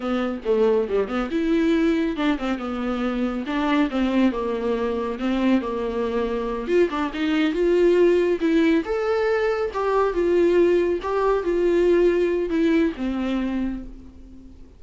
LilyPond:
\new Staff \with { instrumentName = "viola" } { \time 4/4 \tempo 4 = 139 b4 a4 g8 b8 e'4~ | e'4 d'8 c'8 b2 | d'4 c'4 ais2 | c'4 ais2~ ais8 f'8 |
d'8 dis'4 f'2 e'8~ | e'8 a'2 g'4 f'8~ | f'4. g'4 f'4.~ | f'4 e'4 c'2 | }